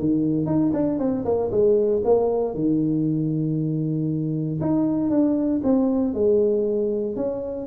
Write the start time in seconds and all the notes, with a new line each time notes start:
0.00 D#3
0.46 D#4
0.73 D4
0.99 C4
1.25 A#3
1.52 G#3
2.05 A#3
2.55 D#3
4.61 D#4
5.10 D4
5.64 C4
6.14 G#3
7.17 C#4